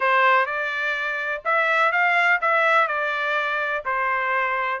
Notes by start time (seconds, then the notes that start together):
0.00 C5
0.46 D5
1.44 E5
1.92 F5
2.41 E5
2.87 D5
3.85 C5